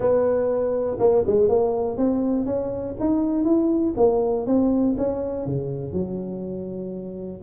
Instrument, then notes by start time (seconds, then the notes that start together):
tuba
0.00 B3
0.99 A#3
1.26 G#3
1.49 A#3
1.97 C4
2.45 C#4
3.00 D#4
3.44 E4
3.96 A#3
4.46 C4
4.97 C#4
5.46 C#3
5.92 F#3